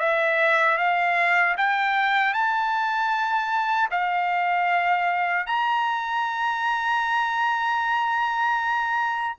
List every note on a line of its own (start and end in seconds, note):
0.00 0.78 E5
0.78 1.56 F5
1.58 2.34 G5
2.34 3.90 A5
3.91 5.47 F5
5.47 9.36 A#5